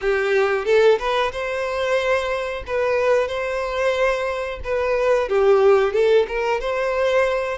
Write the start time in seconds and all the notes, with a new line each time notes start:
0.01 G4
0.65 A4
0.98 B4
1.32 C5
2.66 B4
3.28 C5
4.64 B4
5.29 G4
5.93 A4
6.28 A#4
6.60 C5